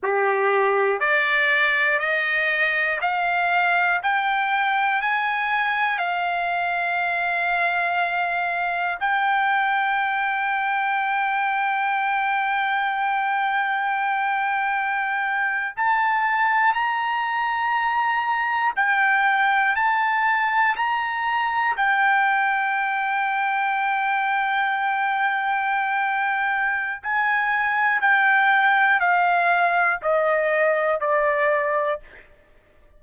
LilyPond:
\new Staff \with { instrumentName = "trumpet" } { \time 4/4 \tempo 4 = 60 g'4 d''4 dis''4 f''4 | g''4 gis''4 f''2~ | f''4 g''2.~ | g''2.~ g''8. a''16~ |
a''8. ais''2 g''4 a''16~ | a''8. ais''4 g''2~ g''16~ | g''2. gis''4 | g''4 f''4 dis''4 d''4 | }